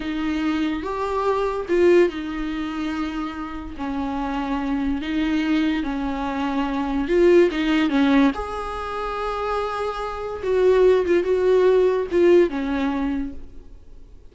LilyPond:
\new Staff \with { instrumentName = "viola" } { \time 4/4 \tempo 4 = 144 dis'2 g'2 | f'4 dis'2.~ | dis'4 cis'2. | dis'2 cis'2~ |
cis'4 f'4 dis'4 cis'4 | gis'1~ | gis'4 fis'4. f'8 fis'4~ | fis'4 f'4 cis'2 | }